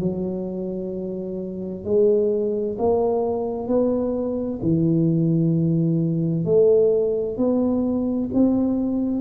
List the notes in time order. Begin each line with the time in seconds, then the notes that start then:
0.00 F#3
1.85 G#3
2.79 A#3
3.68 B3
4.62 E3
6.45 A3
7.37 B3
8.34 C4